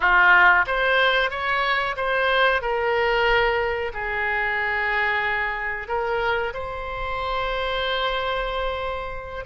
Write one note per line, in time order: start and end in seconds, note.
0.00 0.65 F4
0.66 1.30 C5
1.30 1.95 C#5
1.96 2.61 C5
2.61 3.92 A#4
3.93 5.88 G#4
5.88 6.53 A#4
6.53 9.45 C5